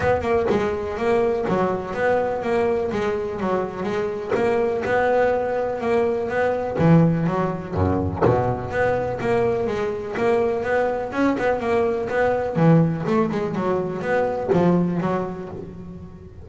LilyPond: \new Staff \with { instrumentName = "double bass" } { \time 4/4 \tempo 4 = 124 b8 ais8 gis4 ais4 fis4 | b4 ais4 gis4 fis4 | gis4 ais4 b2 | ais4 b4 e4 fis4 |
fis,4 b,4 b4 ais4 | gis4 ais4 b4 cis'8 b8 | ais4 b4 e4 a8 gis8 | fis4 b4 f4 fis4 | }